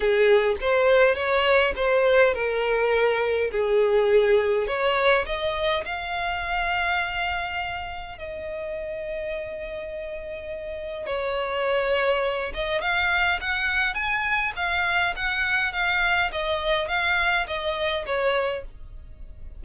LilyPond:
\new Staff \with { instrumentName = "violin" } { \time 4/4 \tempo 4 = 103 gis'4 c''4 cis''4 c''4 | ais'2 gis'2 | cis''4 dis''4 f''2~ | f''2 dis''2~ |
dis''2. cis''4~ | cis''4. dis''8 f''4 fis''4 | gis''4 f''4 fis''4 f''4 | dis''4 f''4 dis''4 cis''4 | }